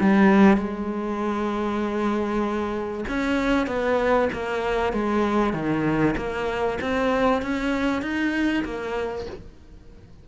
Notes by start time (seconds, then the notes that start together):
0.00 G3
0.57 G#3
3.08 C#4
3.67 B3
4.33 A#3
4.93 G#3
5.53 D#3
6.17 A#3
6.81 C4
7.42 C#4
8.02 D#4
8.64 A#3